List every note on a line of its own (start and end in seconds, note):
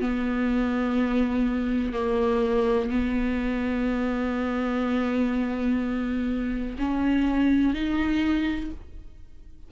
0.00 1.93 B3
1.93 2.89 A#3
2.89 6.77 B3
6.78 7.74 C#4
7.74 8.71 D#4